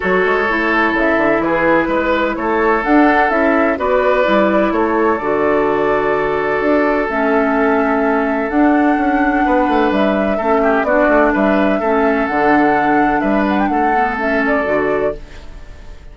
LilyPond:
<<
  \new Staff \with { instrumentName = "flute" } { \time 4/4 \tempo 4 = 127 cis''2 e''4 b'4~ | b'4 cis''4 fis''4 e''4 | d''2 cis''4 d''4~ | d''2. e''4~ |
e''2 fis''2~ | fis''4 e''2 d''4 | e''2 fis''2 | e''8 fis''16 g''16 fis''4 e''8 d''4. | }
  \new Staff \with { instrumentName = "oboe" } { \time 4/4 a'2. gis'4 | b'4 a'2. | b'2 a'2~ | a'1~ |
a'1 | b'2 a'8 g'8 fis'4 | b'4 a'2. | b'4 a'2. | }
  \new Staff \with { instrumentName = "clarinet" } { \time 4/4 fis'4 e'2.~ | e'2 d'4 e'4 | fis'4 e'2 fis'4~ | fis'2. cis'4~ |
cis'2 d'2~ | d'2 cis'4 d'4~ | d'4 cis'4 d'2~ | d'4. b8 cis'4 fis'4 | }
  \new Staff \with { instrumentName = "bassoon" } { \time 4/4 fis8 gis8 a4 cis8 d8 e4 | gis4 a4 d'4 cis'4 | b4 g4 a4 d4~ | d2 d'4 a4~ |
a2 d'4 cis'4 | b8 a8 g4 a4 b8 a8 | g4 a4 d2 | g4 a2 d4 | }
>>